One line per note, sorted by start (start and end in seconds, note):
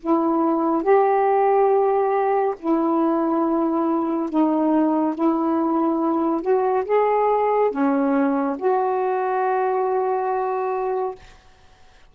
0.00 0.83 E4
0.83 2.54 G4
2.59 4.29 E4
4.29 5.15 D#4
5.15 6.41 E4
6.41 6.84 F#4
6.85 7.71 G#4
7.71 8.56 C#4
8.58 11.15 F#4